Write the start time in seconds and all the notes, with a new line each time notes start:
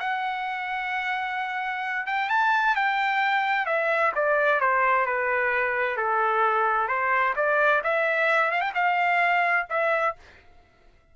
0.00 F#5
2.07 G5
2.30 A5
2.76 G5
3.66 E5
4.15 D5
4.61 C5
5.06 B4
5.97 A4
6.88 C5
7.36 D5
7.84 E5
8.52 F5
8.61 G5
8.75 F5
9.70 E5